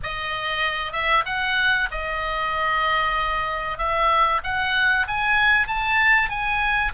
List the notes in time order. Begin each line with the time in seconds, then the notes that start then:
0.03 D#5
0.92 E5
1.25 F#5
1.91 D#5
3.78 E5
4.43 F#5
5.07 G#5
5.67 A5
6.29 G#5